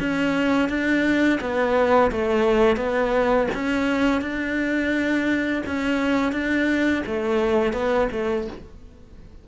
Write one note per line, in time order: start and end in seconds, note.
0.00 0.69 C#4
0.69 1.40 D4
1.41 2.11 B3
2.12 2.77 A3
2.77 3.48 B3
3.55 4.22 C#4
4.22 5.63 D4
5.67 6.33 C#4
6.33 7.04 D4
7.07 7.73 A3
7.73 8.09 B3
8.12 8.48 A3